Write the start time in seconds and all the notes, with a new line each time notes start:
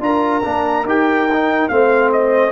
0.00 D4 F4 A#4 A#5
0.43 A#3 D4
0.84 D#4 G4 G5
1.33 D#4
1.68 A3 C4 C5 F5
2.12 D#5